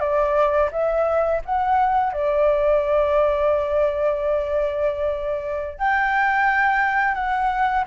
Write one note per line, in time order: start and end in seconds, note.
0.00 0.70 D5
0.72 1.41 E5
1.45 2.13 F#5
2.13 5.78 D5
5.78 7.14 G5
7.14 7.84 F#5